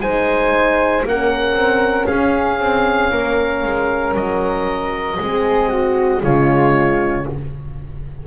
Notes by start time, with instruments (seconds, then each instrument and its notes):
0.00 double bass G#3, horn D#4, flute C5, oboe G#5
1.05 double bass A#3, horn C#4, flute A#4, oboe F#5
1.54 double bass C4
2.07 double bass C#4, flute G#4, oboe F5
2.60 double bass C4
3.11 double bass A#3, flute A#4
3.64 double bass G#3
4.15 double bass F#3, oboe D#5
5.20 double bass G#3, horn C4, flute G#4
5.69 flute F#4
6.23 double bass C#3, horn G#3, flute F4, oboe C#5